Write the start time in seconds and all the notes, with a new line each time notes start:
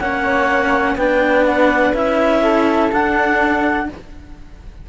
0.00 A#3 C#4 C#5 F#5
0.95 B3 D4 B4 G5
1.46 F#5
1.94 C#4 E4 E5
2.43 A4
2.92 D4 F#5